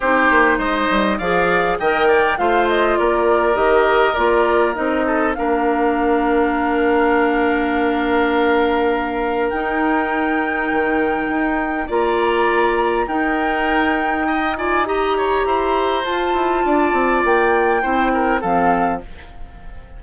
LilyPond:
<<
  \new Staff \with { instrumentName = "flute" } { \time 4/4 \tempo 4 = 101 c''4 dis''4 f''4 g''4 | f''8 dis''8 d''4 dis''4 d''4 | dis''4 f''2.~ | f''1 |
g''1 | ais''2 g''2~ | g''8 gis''8 ais''2 a''4~ | a''4 g''2 f''4 | }
  \new Staff \with { instrumentName = "oboe" } { \time 4/4 g'4 c''4 d''4 dis''8 d''8 | c''4 ais'2.~ | ais'8 a'8 ais'2.~ | ais'1~ |
ais'1 | d''2 ais'2 | dis''8 d''8 dis''8 cis''8 c''2 | d''2 c''8 ais'8 a'4 | }
  \new Staff \with { instrumentName = "clarinet" } { \time 4/4 dis'2 gis'4 ais'4 | f'2 g'4 f'4 | dis'4 d'2.~ | d'1 |
dis'1 | f'2 dis'2~ | dis'8 f'8 g'2 f'4~ | f'2 e'4 c'4 | }
  \new Staff \with { instrumentName = "bassoon" } { \time 4/4 c'8 ais8 gis8 g8 f4 dis4 | a4 ais4 dis4 ais4 | c'4 ais2.~ | ais1 |
dis'2 dis4 dis'4 | ais2 dis'2~ | dis'2 e'4 f'8 e'8 | d'8 c'8 ais4 c'4 f4 | }
>>